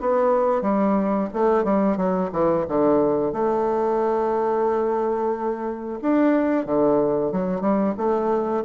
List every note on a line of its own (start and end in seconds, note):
0.00 0.62 B3
0.62 1.28 G3
1.33 1.64 A3
1.64 1.97 G3
1.97 2.30 F#3
2.32 2.65 E3
2.68 3.32 D3
3.32 5.99 A3
6.02 6.65 D4
6.65 7.32 D3
7.32 7.61 F#3
7.61 7.94 G3
7.97 8.64 A3